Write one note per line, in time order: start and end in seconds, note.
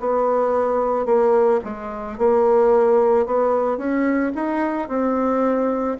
0.00 1.06 B3
1.06 1.60 A#3
1.64 2.18 G#3
2.18 3.26 A#3
3.26 3.78 B3
3.78 4.32 C#4
4.35 4.88 D#4
4.88 5.98 C4